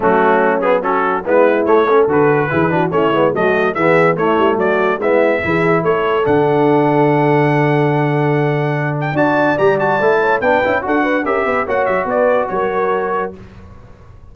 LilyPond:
<<
  \new Staff \with { instrumentName = "trumpet" } { \time 4/4 \tempo 4 = 144 fis'4. gis'8 a'4 b'4 | cis''4 b'2 cis''4 | dis''4 e''4 cis''4 d''4 | e''2 cis''4 fis''4~ |
fis''1~ | fis''4. g''8 a''4 ais''8 a''8~ | a''4 g''4 fis''4 e''4 | fis''8 e''8 d''4 cis''2 | }
  \new Staff \with { instrumentName = "horn" } { \time 4/4 cis'2 fis'4 e'4~ | e'8 a'4. gis'8 fis'8 e'4 | fis'4 gis'4 e'4 fis'4 | e'4 gis'4 a'2~ |
a'1~ | a'2 d''2~ | d''8 cis''8 b'4 a'8 b'8 ais'8 b'8 | cis''4 b'4 ais'2 | }
  \new Staff \with { instrumentName = "trombone" } { \time 4/4 a4. b8 cis'4 b4 | a8 cis'8 fis'4 e'8 d'8 cis'8 b8 | a4 b4 a2 | b4 e'2 d'4~ |
d'1~ | d'2 fis'4 g'8 fis'8 | e'4 d'8 e'8 fis'4 g'4 | fis'1 | }
  \new Staff \with { instrumentName = "tuba" } { \time 4/4 fis2. gis4 | a4 d4 e4 a8 gis8 | fis4 e4 a8 g8 fis4 | gis4 e4 a4 d4~ |
d1~ | d2 d'4 g4 | a4 b8 cis'8 d'4 cis'8 b8 | ais8 fis8 b4 fis2 | }
>>